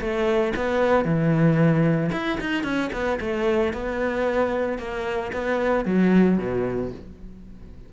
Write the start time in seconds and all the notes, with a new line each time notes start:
0.00 A3
0.56 B3
1.05 E3
2.12 E4
2.40 D#4
2.63 C#4
2.93 B3
3.20 A3
3.73 B3
4.78 A#3
5.32 B3
5.85 F#3
6.38 B2